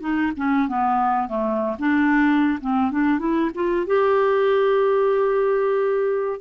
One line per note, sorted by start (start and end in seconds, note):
0.00 0.32 D#4
0.37 0.68 C#4
0.68 1.28 B3
1.28 1.76 A3
1.79 2.59 D4
2.60 2.91 C4
2.91 3.19 D4
3.19 3.50 E4
3.54 3.86 F4
3.86 6.40 G4